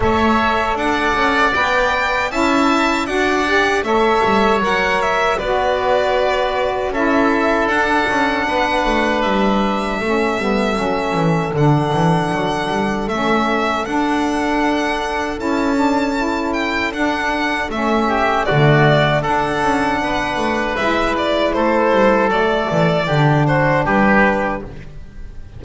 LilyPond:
<<
  \new Staff \with { instrumentName = "violin" } { \time 4/4 \tempo 4 = 78 e''4 fis''4 g''4 a''4 | fis''4 e''4 fis''8 e''8 d''4~ | d''4 e''4 fis''2 | e''2. fis''4~ |
fis''4 e''4 fis''2 | a''4. g''8 fis''4 e''4 | d''4 fis''2 e''8 d''8 | c''4 d''4. c''8 b'4 | }
  \new Staff \with { instrumentName = "oboe" } { \time 4/4 cis''4 d''2 e''4 | d''4 cis''2 b'4~ | b'4 a'2 b'4~ | b'4 a'2.~ |
a'1~ | a'2.~ a'8 g'8 | fis'4 a'4 b'2 | a'2 g'8 fis'8 g'4 | }
  \new Staff \with { instrumentName = "saxophone" } { \time 4/4 a'2 b'4 e'4 | fis'8 g'8 a'4 ais'4 fis'4~ | fis'4 e'4 d'2~ | d'4 cis'8 b8 cis'4 d'4~ |
d'4 cis'4 d'2 | e'8 d'8 e'4 d'4 cis'4 | a4 d'2 e'4~ | e'4 a4 d'2 | }
  \new Staff \with { instrumentName = "double bass" } { \time 4/4 a4 d'8 cis'8 b4 cis'4 | d'4 a8 g8 fis4 b4~ | b4 cis'4 d'8 cis'8 b8 a8 | g4 a8 g8 fis8 e8 d8 e8 |
fis8 g8 a4 d'2 | cis'2 d'4 a4 | d4 d'8 cis'8 b8 a8 gis4 | a8 g8 fis8 e8 d4 g4 | }
>>